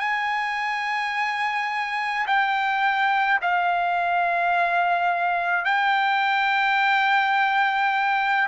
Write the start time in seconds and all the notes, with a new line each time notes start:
0.00 G#5
2.27 G5
3.42 F5
5.65 G5